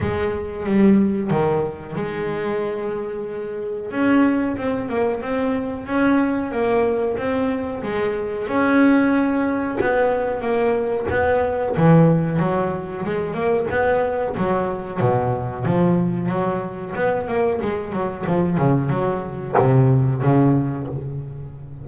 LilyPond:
\new Staff \with { instrumentName = "double bass" } { \time 4/4 \tempo 4 = 92 gis4 g4 dis4 gis4~ | gis2 cis'4 c'8 ais8 | c'4 cis'4 ais4 c'4 | gis4 cis'2 b4 |
ais4 b4 e4 fis4 | gis8 ais8 b4 fis4 b,4 | f4 fis4 b8 ais8 gis8 fis8 | f8 cis8 fis4 c4 cis4 | }